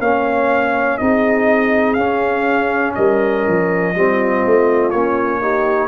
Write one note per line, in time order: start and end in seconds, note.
0.00 0.98 A#3
0.00 1.00 C#4
0.00 0.99 C#5
0.00 0.98 F5
0.98 1.97 C4
0.98 1.98 D#4
0.98 2.97 G#4
0.98 1.94 D#5
1.94 2.95 C#4
1.94 3.95 C#4
1.94 2.92 F5
2.95 3.47 G3
2.95 3.95 A#4
2.95 4.91 D#5
3.47 3.95 F3
3.95 4.45 G3
3.95 4.93 C4
3.95 5.42 F4
4.46 4.93 A3
4.91 5.89 A#3
4.91 5.42 C#4
4.91 5.89 C#5
5.42 5.89 D#4
5.42 5.89 G4